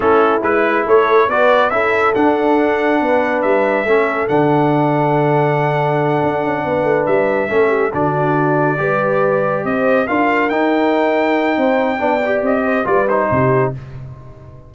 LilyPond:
<<
  \new Staff \with { instrumentName = "trumpet" } { \time 4/4 \tempo 4 = 140 a'4 b'4 cis''4 d''4 | e''4 fis''2. | e''2 fis''2~ | fis''1~ |
fis''8 e''2 d''4.~ | d''2~ d''8 dis''4 f''8~ | f''8 g''2.~ g''8~ | g''4 dis''4 d''8 c''4. | }
  \new Staff \with { instrumentName = "horn" } { \time 4/4 e'2 a'4 b'4 | a'2. b'4~ | b'4 a'2.~ | a'2.~ a'8 b'8~ |
b'4. a'8 g'8 fis'4.~ | fis'8 b'2 c''4 ais'8~ | ais'2. c''4 | d''4. c''8 b'4 g'4 | }
  \new Staff \with { instrumentName = "trombone" } { \time 4/4 cis'4 e'2 fis'4 | e'4 d'2.~ | d'4 cis'4 d'2~ | d'1~ |
d'4. cis'4 d'4.~ | d'8 g'2. f'8~ | f'8 dis'2.~ dis'8 | d'8 g'4. f'8 dis'4. | }
  \new Staff \with { instrumentName = "tuba" } { \time 4/4 a4 gis4 a4 b4 | cis'4 d'2 b4 | g4 a4 d2~ | d2~ d8 d'8 cis'8 b8 |
a8 g4 a4 d4.~ | d8 g2 c'4 d'8~ | d'8 dis'2~ dis'8 c'4 | b4 c'4 g4 c4 | }
>>